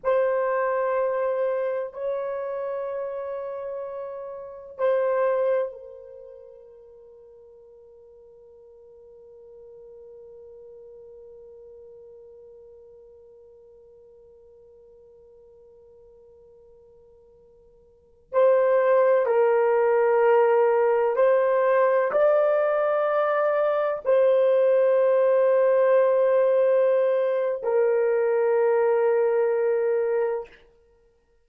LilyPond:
\new Staff \with { instrumentName = "horn" } { \time 4/4 \tempo 4 = 63 c''2 cis''2~ | cis''4 c''4 ais'2~ | ais'1~ | ais'1~ |
ais'2.~ ais'16 c''8.~ | c''16 ais'2 c''4 d''8.~ | d''4~ d''16 c''2~ c''8.~ | c''4 ais'2. | }